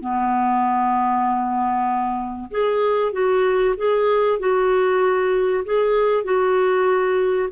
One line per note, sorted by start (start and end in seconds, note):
0.00 2.50 B3
2.51 3.12 G#4
3.12 3.75 F#4
3.77 4.39 G#4
4.39 5.64 F#4
5.64 6.24 G#4
6.24 7.49 F#4